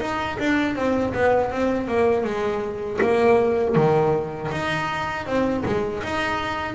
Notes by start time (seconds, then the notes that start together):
0.00 D#4
0.39 D4
0.75 C4
1.14 B3
1.51 C4
1.87 A#3
2.24 G#3
3.01 A#3
3.75 D#3
4.51 D#4
5.26 C4
5.65 G#3
6.03 D#4